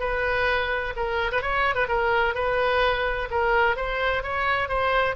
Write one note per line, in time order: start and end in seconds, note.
0.00 0.94 B4
0.96 1.31 A#4
1.32 1.42 B4
1.42 1.75 C#5
1.75 1.87 B4
1.88 2.35 A#4
2.35 3.29 B4
3.31 3.76 A#4
3.76 4.23 C5
4.23 4.69 C#5
4.69 5.15 C5